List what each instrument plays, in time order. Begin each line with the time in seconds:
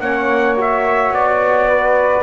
0.00 double bass A#3, trombone C#4, flute C#5, trumpet F#5
0.56 trombone F#4, trumpet E5
1.11 double bass B3, trumpet D5
1.68 flute B4